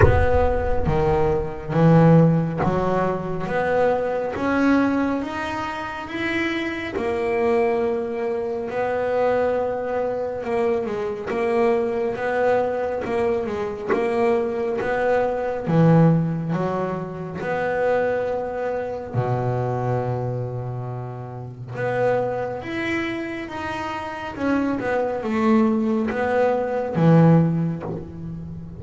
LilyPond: \new Staff \with { instrumentName = "double bass" } { \time 4/4 \tempo 4 = 69 b4 dis4 e4 fis4 | b4 cis'4 dis'4 e'4 | ais2 b2 | ais8 gis8 ais4 b4 ais8 gis8 |
ais4 b4 e4 fis4 | b2 b,2~ | b,4 b4 e'4 dis'4 | cis'8 b8 a4 b4 e4 | }